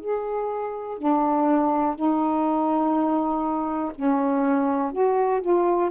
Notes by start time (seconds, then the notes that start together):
0.00 G#4
0.98 D4
1.95 D#4
3.95 C#4
4.92 F#4
5.41 F4